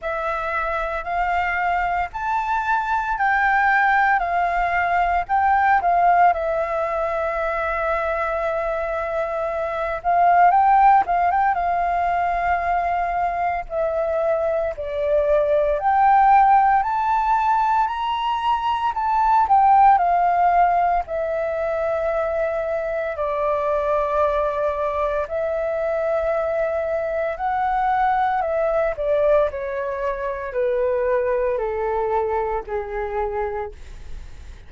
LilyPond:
\new Staff \with { instrumentName = "flute" } { \time 4/4 \tempo 4 = 57 e''4 f''4 a''4 g''4 | f''4 g''8 f''8 e''2~ | e''4. f''8 g''8 f''16 g''16 f''4~ | f''4 e''4 d''4 g''4 |
a''4 ais''4 a''8 g''8 f''4 | e''2 d''2 | e''2 fis''4 e''8 d''8 | cis''4 b'4 a'4 gis'4 | }